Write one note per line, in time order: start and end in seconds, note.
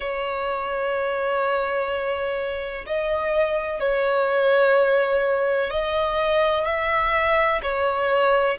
0.00 2.85 C#5
2.86 3.80 D#5
3.80 5.70 C#5
5.70 6.65 D#5
6.65 7.61 E5
7.62 8.58 C#5